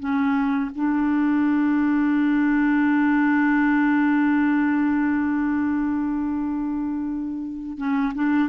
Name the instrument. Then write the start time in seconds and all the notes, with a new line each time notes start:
clarinet
0.00 C#4
0.75 D4
7.78 C#4
8.14 D4